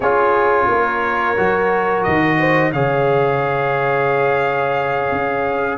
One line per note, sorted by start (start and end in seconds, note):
0.00 0.67 C#4
0.00 1.37 F4
0.00 0.67 G#4
0.00 2.03 C#5
0.67 1.36 A#3
0.67 2.38 A#4
1.37 2.06 F#3
1.37 2.73 F#4
2.03 2.72 D#3
2.03 2.71 D#5
2.38 2.72 C5
2.72 5.11 C#3
2.72 5.77 G#4
2.72 5.77 C#5
2.72 5.77 F5
5.11 5.77 C#4